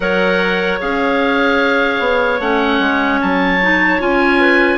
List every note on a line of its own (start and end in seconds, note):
0.00 0.79 F#3
0.00 0.80 A#4
0.00 4.40 C#5
0.00 0.79 F#5
0.80 1.99 C#4
0.80 2.40 G#4
0.80 2.40 F5
1.99 2.39 B3
2.39 2.79 A3
2.39 3.60 C#4
2.39 3.20 F#5
2.79 3.19 G#3
3.21 4.00 F#3
3.21 4.01 A5
3.61 3.99 D#4
3.99 4.77 C#4
3.99 4.77 F4
3.99 4.77 G#5
4.40 4.77 B4